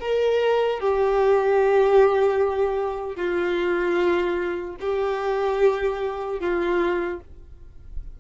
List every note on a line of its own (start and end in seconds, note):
0.00 0.80 A#4
0.80 3.16 G4
3.16 4.76 F4
4.80 6.40 G4
6.40 7.20 F4